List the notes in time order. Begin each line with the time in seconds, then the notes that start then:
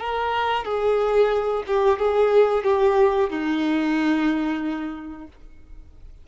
0.00 A#4
0.65 G#4
1.67 G4
1.99 G#4
2.64 G4
3.30 D#4